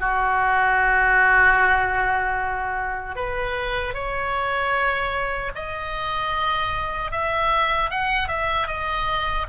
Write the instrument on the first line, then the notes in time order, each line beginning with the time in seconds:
oboe
0.00 F#4
3.15 B4
3.94 C#5
5.55 D#5
7.11 E5
7.90 F#5
8.28 E5
8.67 D#5